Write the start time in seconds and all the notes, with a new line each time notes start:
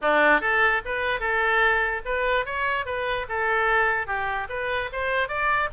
0.01 D4
0.40 A4
0.85 B4
1.19 A4
2.05 B4
2.45 C#5
2.85 B4
3.28 A4
4.06 G4
4.49 B4
4.92 C5
5.28 D5